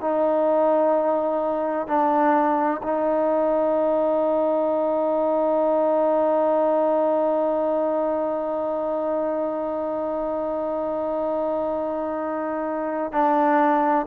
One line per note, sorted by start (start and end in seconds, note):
0.00 1.87 D#4
1.87 2.81 D4
2.83 13.12 D#4
13.12 14.06 D4